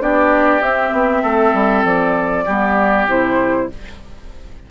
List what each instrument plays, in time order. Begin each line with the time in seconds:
0.00 bassoon B3, clarinet D4, oboe G4, flute D5
0.61 bassoon C4, clarinet C4, flute E5
0.92 bassoon B3
1.22 bassoon A3, oboe A4
1.54 bassoon G3
1.84 bassoon F3, flute D5
2.45 bassoon G3, clarinet B3, oboe G4
3.07 bassoon C3, clarinet E4, flute C5